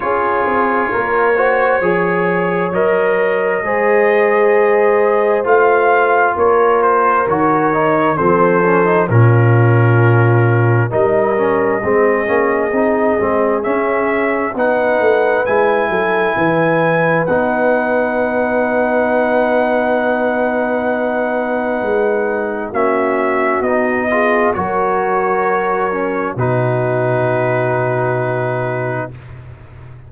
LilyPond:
<<
  \new Staff \with { instrumentName = "trumpet" } { \time 4/4 \tempo 4 = 66 cis''2. dis''4~ | dis''2 f''4 cis''8 c''8 | cis''4 c''4 ais'2 | dis''2. e''4 |
fis''4 gis''2 fis''4~ | fis''1~ | fis''4 e''4 dis''4 cis''4~ | cis''4 b'2. | }
  \new Staff \with { instrumentName = "horn" } { \time 4/4 gis'4 ais'8 c''8 cis''2 | c''2. ais'4~ | ais'4 a'4 f'2 | ais'4 gis'2. |
b'4. a'8 b'2~ | b'1~ | b'4 fis'4. gis'8 ais'4~ | ais'4 fis'2. | }
  \new Staff \with { instrumentName = "trombone" } { \time 4/4 f'4. fis'8 gis'4 ais'4 | gis'2 f'2 | fis'8 dis'8 c'8 cis'16 dis'16 cis'2 | dis'8 cis'8 c'8 cis'8 dis'8 c'8 cis'4 |
dis'4 e'2 dis'4~ | dis'1~ | dis'4 cis'4 dis'8 f'8 fis'4~ | fis'8 cis'8 dis'2. | }
  \new Staff \with { instrumentName = "tuba" } { \time 4/4 cis'8 c'8 ais4 f4 fis4 | gis2 a4 ais4 | dis4 f4 ais,2 | g4 gis8 ais8 c'8 gis8 cis'4 |
b8 a8 gis8 fis8 e4 b4~ | b1 | gis4 ais4 b4 fis4~ | fis4 b,2. | }
>>